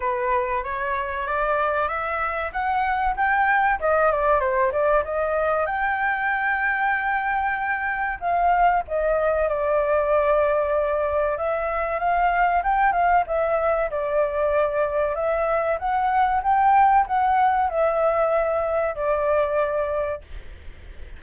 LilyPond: \new Staff \with { instrumentName = "flute" } { \time 4/4 \tempo 4 = 95 b'4 cis''4 d''4 e''4 | fis''4 g''4 dis''8 d''8 c''8 d''8 | dis''4 g''2.~ | g''4 f''4 dis''4 d''4~ |
d''2 e''4 f''4 | g''8 f''8 e''4 d''2 | e''4 fis''4 g''4 fis''4 | e''2 d''2 | }